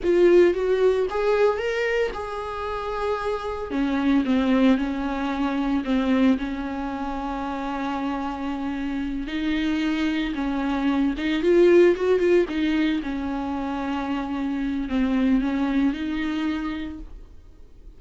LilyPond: \new Staff \with { instrumentName = "viola" } { \time 4/4 \tempo 4 = 113 f'4 fis'4 gis'4 ais'4 | gis'2. cis'4 | c'4 cis'2 c'4 | cis'1~ |
cis'4. dis'2 cis'8~ | cis'4 dis'8 f'4 fis'8 f'8 dis'8~ | dis'8 cis'2.~ cis'8 | c'4 cis'4 dis'2 | }